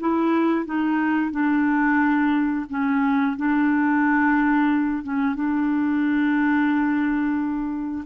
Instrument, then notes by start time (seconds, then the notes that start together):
clarinet
0.00 E4
0.66 D#4
1.31 D4
2.70 C#4
3.37 D4
5.03 C#4
5.35 D4